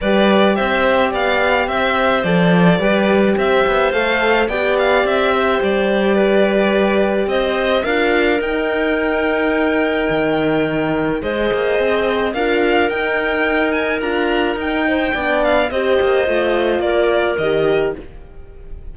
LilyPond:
<<
  \new Staff \with { instrumentName = "violin" } { \time 4/4 \tempo 4 = 107 d''4 e''4 f''4 e''4 | d''2 e''4 f''4 | g''8 f''8 e''4 d''2~ | d''4 dis''4 f''4 g''4~ |
g''1 | dis''2 f''4 g''4~ | g''8 gis''8 ais''4 g''4. f''8 | dis''2 d''4 dis''4 | }
  \new Staff \with { instrumentName = "clarinet" } { \time 4/4 b'4 c''4 d''4 c''4~ | c''4 b'4 c''2 | d''4. c''4. b'4~ | b'4 c''4 ais'2~ |
ais'1 | c''2 ais'2~ | ais'2~ ais'8 c''8 d''4 | c''2 ais'2 | }
  \new Staff \with { instrumentName = "horn" } { \time 4/4 g'1 | a'4 g'2 a'4 | g'1~ | g'2 f'4 dis'4~ |
dis'1 | gis'2 f'4 dis'4~ | dis'4 f'4 dis'4 d'4 | g'4 f'2 g'4 | }
  \new Staff \with { instrumentName = "cello" } { \time 4/4 g4 c'4 b4 c'4 | f4 g4 c'8 b8 a4 | b4 c'4 g2~ | g4 c'4 d'4 dis'4~ |
dis'2 dis2 | gis8 ais8 c'4 d'4 dis'4~ | dis'4 d'4 dis'4 b4 | c'8 ais8 a4 ais4 dis4 | }
>>